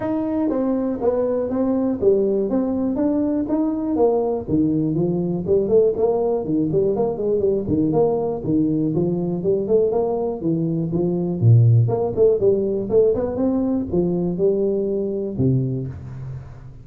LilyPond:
\new Staff \with { instrumentName = "tuba" } { \time 4/4 \tempo 4 = 121 dis'4 c'4 b4 c'4 | g4 c'4 d'4 dis'4 | ais4 dis4 f4 g8 a8 | ais4 dis8 g8 ais8 gis8 g8 dis8 |
ais4 dis4 f4 g8 a8 | ais4 e4 f4 ais,4 | ais8 a8 g4 a8 b8 c'4 | f4 g2 c4 | }